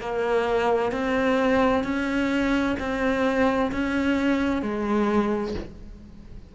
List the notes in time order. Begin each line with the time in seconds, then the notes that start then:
0.00 A#3
0.91 C4
1.83 C#4
2.79 C4
3.72 C#4
4.62 G#3